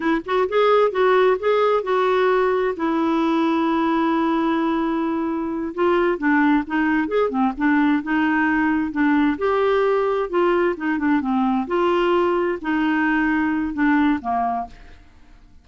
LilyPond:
\new Staff \with { instrumentName = "clarinet" } { \time 4/4 \tempo 4 = 131 e'8 fis'8 gis'4 fis'4 gis'4 | fis'2 e'2~ | e'1~ | e'8 f'4 d'4 dis'4 gis'8 |
c'8 d'4 dis'2 d'8~ | d'8 g'2 f'4 dis'8 | d'8 c'4 f'2 dis'8~ | dis'2 d'4 ais4 | }